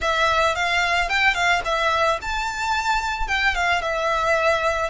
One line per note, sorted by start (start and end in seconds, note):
0.01 0.55 E5
0.55 1.09 F5
1.09 1.34 G5
1.34 1.61 F5
1.65 2.19 E5
2.21 3.27 A5
3.27 3.54 G5
3.54 3.81 F5
3.81 4.90 E5